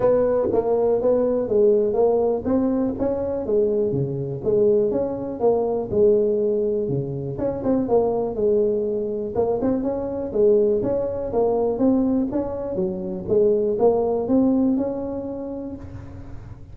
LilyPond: \new Staff \with { instrumentName = "tuba" } { \time 4/4 \tempo 4 = 122 b4 ais4 b4 gis4 | ais4 c'4 cis'4 gis4 | cis4 gis4 cis'4 ais4 | gis2 cis4 cis'8 c'8 |
ais4 gis2 ais8 c'8 | cis'4 gis4 cis'4 ais4 | c'4 cis'4 fis4 gis4 | ais4 c'4 cis'2 | }